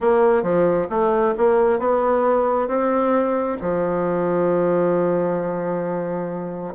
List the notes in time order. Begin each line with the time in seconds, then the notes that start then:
0.01 A#3
0.42 F3
0.89 A3
1.37 A#3
1.79 B3
2.67 C4
3.61 F3